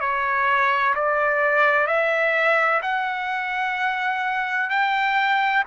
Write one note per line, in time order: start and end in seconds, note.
0.00 0.94 C#5
0.95 1.87 D5
1.87 2.80 E5
2.82 4.70 F#5
4.70 5.63 G5